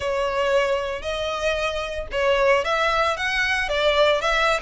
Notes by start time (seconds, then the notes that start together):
0.00 C#5
1.01 D#5
2.11 C#5
2.64 E5
3.16 F#5
3.68 D5
4.21 E5